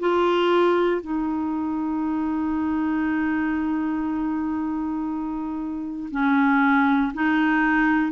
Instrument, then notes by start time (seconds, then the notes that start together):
clarinet
0.00 F4
1.02 D#4
6.11 C#4
7.14 D#4